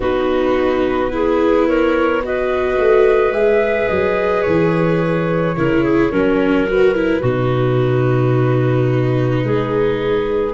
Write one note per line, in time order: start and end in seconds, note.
0.00 2.77 B3
0.00 1.11 D#4
0.00 1.11 F#4
0.00 1.68 B4
1.11 2.22 E4
1.11 1.67 G#4
1.67 2.22 A#4
1.67 2.23 C#5
2.23 3.33 F#4
2.23 5.57 B4
2.23 3.32 D#5
2.78 3.31 A3
3.31 3.86 G#3
3.31 5.55 G#4
3.31 3.87 E5
3.87 4.45 F#3
3.87 4.42 D#5
4.42 5.56 E3
4.42 6.64 C#5
5.56 6.12 C#3
5.56 6.12 E4
5.56 5.83 A#4
5.83 6.11 G#4
6.11 7.22 F#3
6.11 6.66 C#4
6.11 7.20 A#4
6.66 6.94 F#4
6.66 10.53 B4
6.94 7.22 E4
7.20 9.44 B2
7.20 10.53 D#4
7.20 9.42 F#4
9.44 10.53 G#3
9.44 10.53 G#4